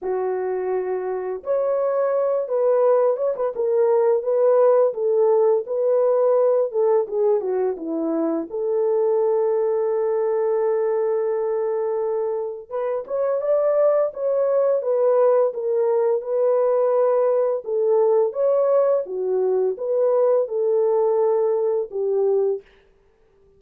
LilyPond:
\new Staff \with { instrumentName = "horn" } { \time 4/4 \tempo 4 = 85 fis'2 cis''4. b'8~ | b'8 cis''16 b'16 ais'4 b'4 a'4 | b'4. a'8 gis'8 fis'8 e'4 | a'1~ |
a'2 b'8 cis''8 d''4 | cis''4 b'4 ais'4 b'4~ | b'4 a'4 cis''4 fis'4 | b'4 a'2 g'4 | }